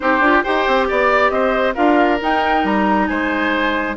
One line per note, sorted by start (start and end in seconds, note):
0.00 0.19 C4
0.00 0.21 D#4
0.00 0.43 G4
0.00 0.41 C5
0.19 0.42 D4
0.19 0.44 F4
0.43 0.67 D#4
0.43 1.75 G4
0.43 0.87 C5
0.43 0.87 G5
0.67 0.89 C4
0.88 1.31 B3
0.88 1.32 D5
0.88 1.30 D5
1.30 1.75 C4
1.30 1.74 C5
1.30 1.74 D#5
1.74 2.20 D4
1.74 2.19 F4
1.74 3.06 A#4
1.74 2.19 F5
2.19 3.96 D#4
2.19 2.64 D#4
2.19 2.66 G5
2.64 3.08 G3
2.64 3.07 A#5
3.07 3.96 G#3
3.07 3.96 C5
3.07 3.95 G#5